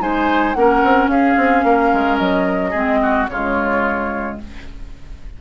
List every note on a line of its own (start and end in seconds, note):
0.00 0.55 G#3
0.00 0.55 D#4
0.00 0.57 C5
0.00 0.54 G#5
0.54 0.83 A#3
0.54 2.74 C#4
0.54 1.11 A#4
0.54 1.08 F#5
0.84 1.07 C4
1.07 1.34 C#4
1.07 1.65 G#4
1.07 2.18 F5
1.37 1.64 C4
1.64 1.91 A#3
1.64 2.71 A#4
1.93 2.20 G#3
2.18 2.74 F#3
2.18 3.27 D#5
2.71 3.29 G#3
2.71 3.28 C4
2.71 2.98 G#4
3.02 3.30 F#4
3.29 4.38 C#3
3.29 4.41 G#3
3.29 4.41 F4
3.29 4.38 C#5